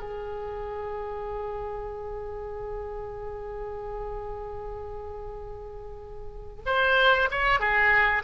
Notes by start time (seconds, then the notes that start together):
0.00 G#4
6.66 C5
7.31 C#5
7.60 G#4